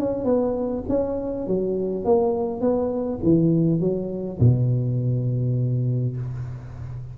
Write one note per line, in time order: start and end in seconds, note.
0.00 0.25 C#4
0.25 0.84 B3
0.89 1.48 C#4
1.48 2.05 F#3
2.05 2.61 A#3
2.61 3.20 B3
3.24 3.80 E3
3.80 4.39 F#3
4.40 6.17 B2